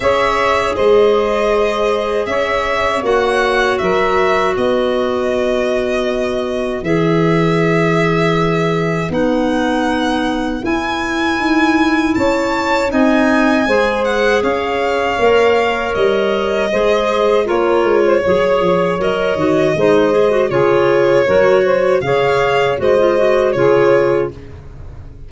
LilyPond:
<<
  \new Staff \with { instrumentName = "violin" } { \time 4/4 \tempo 4 = 79 e''4 dis''2 e''4 | fis''4 e''4 dis''2~ | dis''4 e''2. | fis''2 gis''2 |
a''4 gis''4. fis''8 f''4~ | f''4 dis''2 cis''4~ | cis''4 dis''2 cis''4~ | cis''4 f''4 dis''4 cis''4 | }
  \new Staff \with { instrumentName = "saxophone" } { \time 4/4 cis''4 c''2 cis''4~ | cis''4 ais'4 b'2~ | b'1~ | b'1 |
cis''4 dis''4 c''4 cis''4~ | cis''2 c''4 ais'8. c''16 | cis''2 c''4 gis'4 | ais'8 c''8 cis''4 c''4 gis'4 | }
  \new Staff \with { instrumentName = "clarinet" } { \time 4/4 gis'1 | fis'1~ | fis'4 gis'2. | dis'2 e'2~ |
e'4 dis'4 gis'2 | ais'2 gis'4 f'4 | gis'4 ais'8 fis'8 dis'8 gis'16 fis'16 f'4 | fis'4 gis'4 fis'16 f'16 fis'8 f'4 | }
  \new Staff \with { instrumentName = "tuba" } { \time 4/4 cis'4 gis2 cis'4 | ais4 fis4 b2~ | b4 e2. | b2 e'4 dis'4 |
cis'4 c'4 gis4 cis'4 | ais4 g4 gis4 ais8 gis8 | fis8 f8 fis8 dis8 gis4 cis4 | fis4 cis4 gis4 cis4 | }
>>